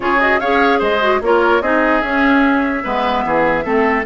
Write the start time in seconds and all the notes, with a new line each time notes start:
0.00 C#3 F4 G#4 C#5
0.20 F#4 D#5
0.39 C#4 G#4 C#5 F5
0.78 G#3 C5 D#5
1.00 F#4
1.21 A#3 F4 A#4 C#5
1.61 C4 D#4 G#4 D#5
2.01 C#4 E5
2.83 G#3 B3 B4
3.24 E3 G#4
3.63 A3 C4 A4